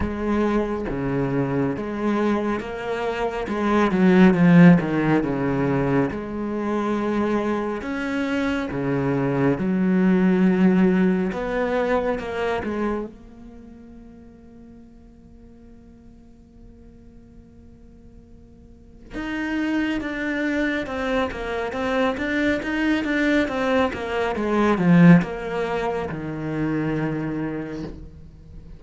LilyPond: \new Staff \with { instrumentName = "cello" } { \time 4/4 \tempo 4 = 69 gis4 cis4 gis4 ais4 | gis8 fis8 f8 dis8 cis4 gis4~ | gis4 cis'4 cis4 fis4~ | fis4 b4 ais8 gis8 ais4~ |
ais1~ | ais2 dis'4 d'4 | c'8 ais8 c'8 d'8 dis'8 d'8 c'8 ais8 | gis8 f8 ais4 dis2 | }